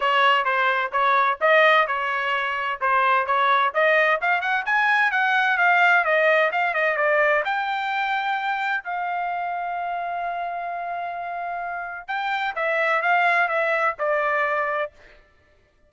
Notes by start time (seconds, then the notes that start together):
0.00 C#5
0.44 C5
0.92 C#5
1.40 D#5
1.87 C#5
2.80 C5
3.26 C#5
3.73 D#5
4.21 F5
4.41 F#5
4.65 G#5
5.11 F#5
5.57 F5
6.04 D#5
6.52 F5
6.74 D#5
6.96 D5
7.45 G5
8.84 F5
12.07 G5
12.55 E5
13.01 F5
13.48 E5
13.98 D5